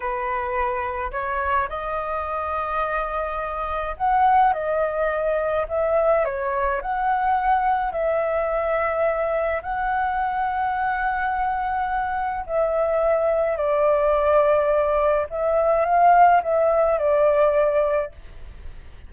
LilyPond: \new Staff \with { instrumentName = "flute" } { \time 4/4 \tempo 4 = 106 b'2 cis''4 dis''4~ | dis''2. fis''4 | dis''2 e''4 cis''4 | fis''2 e''2~ |
e''4 fis''2.~ | fis''2 e''2 | d''2. e''4 | f''4 e''4 d''2 | }